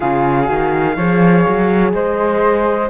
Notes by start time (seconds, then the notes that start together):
0.00 C#3 F4 G#4 F5
0.45 D#3 F#4
0.96 F3 G#4 C#5
1.48 F#3
1.92 G#3 C5 D#5